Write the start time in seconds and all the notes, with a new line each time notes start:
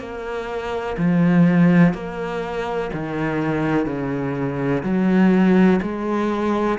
0.00 A#3
0.98 F3
1.94 A#3
2.94 D#3
3.87 C#3
4.83 F#3
5.82 G#3